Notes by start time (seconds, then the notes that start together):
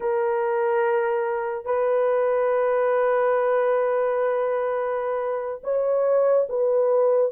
0.00 A#4
1.65 B4
5.63 C#5
6.48 B4